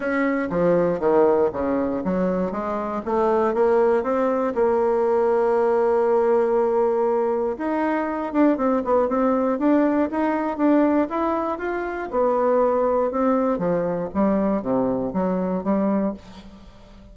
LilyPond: \new Staff \with { instrumentName = "bassoon" } { \time 4/4 \tempo 4 = 119 cis'4 f4 dis4 cis4 | fis4 gis4 a4 ais4 | c'4 ais2.~ | ais2. dis'4~ |
dis'8 d'8 c'8 b8 c'4 d'4 | dis'4 d'4 e'4 f'4 | b2 c'4 f4 | g4 c4 fis4 g4 | }